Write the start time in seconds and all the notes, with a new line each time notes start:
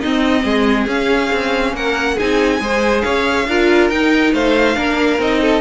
0.00 C4 D#4 D#5
0.44 G#3 G#4
0.87 C#4 F5
1.32 C4
1.73 A#3 A#4 F#5
2.15 C4 D#4 G#4 G#5
2.60 G#3 G#4 C5
3.01 C#4 C#5 F5
3.47 D4 F4 A#4
3.90 D#4 G5
4.33 A3 C5 F5
4.75 A#3 D4 A#4
5.19 C4 D#4 D#5
5.41 A4